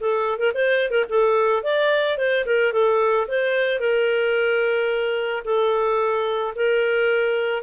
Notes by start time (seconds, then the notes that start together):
0.00 A4
0.38 A#4
0.54 C5
0.91 A#4
1.09 A4
1.63 D5
2.17 C5
2.46 A#4
2.72 A4
3.28 C5
3.80 A#4
5.44 A4
6.56 A#4